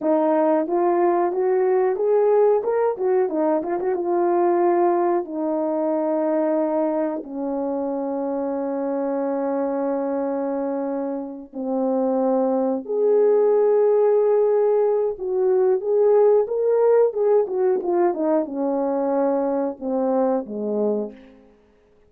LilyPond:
\new Staff \with { instrumentName = "horn" } { \time 4/4 \tempo 4 = 91 dis'4 f'4 fis'4 gis'4 | ais'8 fis'8 dis'8 f'16 fis'16 f'2 | dis'2. cis'4~ | cis'1~ |
cis'4. c'2 gis'8~ | gis'2. fis'4 | gis'4 ais'4 gis'8 fis'8 f'8 dis'8 | cis'2 c'4 gis4 | }